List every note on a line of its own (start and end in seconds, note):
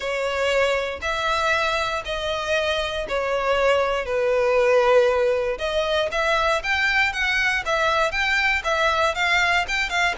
0.00 1.00 C#5
1.01 2.03 E5
2.05 3.06 D#5
3.08 4.05 C#5
4.05 5.58 B4
5.58 6.09 D#5
6.11 6.62 E5
6.63 7.12 G5
7.12 7.63 F#5
7.65 8.11 E5
8.11 8.62 G5
8.63 9.14 E5
9.14 9.65 F5
9.68 9.89 G5
9.89 10.14 F5